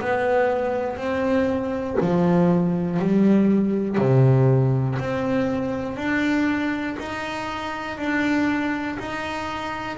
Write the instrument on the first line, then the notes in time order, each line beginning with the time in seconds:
double bass
0.00 B3
0.97 C4
2.00 F3
2.99 G3
3.98 C3
4.99 C4
5.96 D4
6.99 D#4
7.98 D4
8.99 D#4